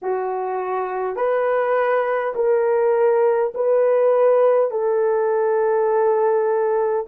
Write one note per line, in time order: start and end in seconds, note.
0.02 1.16 F#4
1.16 2.33 B4
2.35 3.52 A#4
3.54 4.71 B4
4.71 7.06 A4